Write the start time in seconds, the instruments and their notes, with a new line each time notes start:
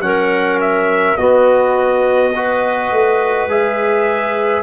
0.00 tuba F#3, trombone C#4, clarinet A#4, trumpet F#5
0.60 trumpet E5
1.17 trombone B3, tuba B3, clarinet F#4, trumpet D#5
2.35 trombone F#4, clarinet B4
2.91 tuba A3
3.47 tuba G#3, trombone G#4, trumpet E5